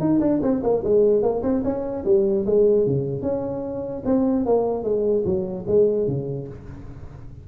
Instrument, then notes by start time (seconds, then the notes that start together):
tuba
0.00 D#4
0.21 D4
0.42 C4
0.63 A#3
0.84 G#3
1.22 A#3
1.43 C4
1.64 C#4
2.05 G3
2.46 G#3
2.87 C#3
3.22 C#4
4.05 C4
4.46 A#3
4.84 G#3
5.25 F#3
5.67 G#3
6.07 C#3